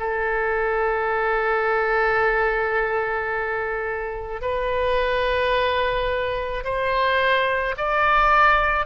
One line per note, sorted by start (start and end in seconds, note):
0.00 4.42 A4
4.42 6.64 B4
6.65 7.76 C5
7.78 8.86 D5